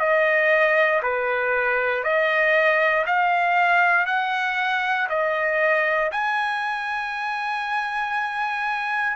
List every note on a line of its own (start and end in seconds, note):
0.00 1.02 D#5
1.03 2.04 B4
2.04 3.06 D#5
3.06 4.06 F5
4.06 5.08 F#5
5.09 6.11 D#5
6.12 9.17 G#5